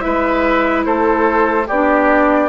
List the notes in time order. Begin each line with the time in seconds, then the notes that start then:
0.00 G#3 E4 B4 E5
0.85 A3 A4 C5
1.67 B3 D4 G4 D5